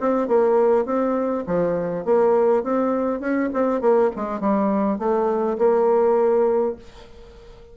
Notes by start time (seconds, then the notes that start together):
0.00 C4
0.27 A#3
0.85 C4
1.46 F3
2.05 A#3
2.63 C4
3.20 C#4
3.53 C4
3.81 A#3
4.15 G#3
4.40 G3
4.98 A3
5.58 A#3